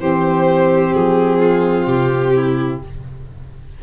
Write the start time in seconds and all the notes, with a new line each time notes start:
0.00 E3 C4 G4 C5
0.94 F3 G#4
1.39 F4
1.87 C3 G4
2.36 E4